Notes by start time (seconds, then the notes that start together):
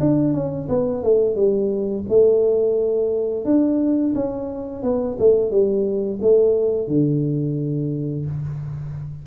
0.00 D4
0.34 C#4
0.69 B3
1.03 A3
1.36 G3
2.09 A3
3.45 D4
4.15 C#4
4.83 B3
5.19 A3
5.51 G3
6.22 A3
6.88 D3